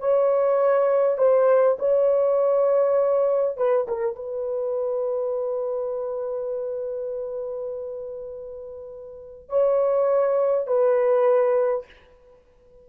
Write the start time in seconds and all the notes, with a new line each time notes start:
0.00 C#5
1.18 C5
1.79 C#5
3.57 B4
3.88 A#4
4.15 B4
9.49 C#5
10.67 B4